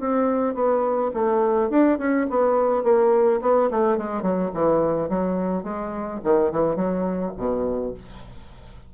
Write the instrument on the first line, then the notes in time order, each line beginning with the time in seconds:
bassoon
0.00 C4
0.55 B3
1.14 A3
1.70 D4
1.99 C#4
2.30 B3
2.84 A#3
3.42 B3
3.71 A3
3.98 G#3
4.22 F#3
4.54 E3
5.09 F#3
5.64 G#3
6.24 D#3
6.52 E3
6.76 F#3
7.37 B2